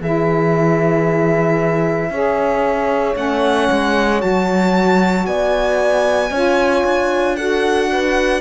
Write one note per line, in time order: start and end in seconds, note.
0.00 2.10 E3
0.00 2.12 E4
0.00 2.11 G#4
0.00 3.16 E5
2.10 3.15 C#4
2.10 3.14 G#4
2.10 5.27 C#5
3.14 3.68 A3
3.14 4.19 C#4
3.14 4.21 F#5
3.71 4.23 G#3
4.19 5.26 F#3
4.19 6.29 F#4
4.19 5.26 A5
5.26 6.30 B3
5.26 6.31 D5
5.26 7.36 G#5
6.30 6.83 C#4
6.30 7.37 F4
6.30 7.36 C#5
6.84 8.41 D4
7.36 8.41 F#4
7.36 7.90 A4
7.36 8.41 F#5
7.92 8.41 B4